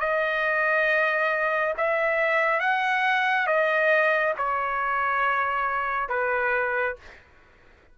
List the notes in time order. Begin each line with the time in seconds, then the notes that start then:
0.00 D#5
1.77 E5
2.60 F#5
3.47 D#5
4.38 C#5
6.09 B4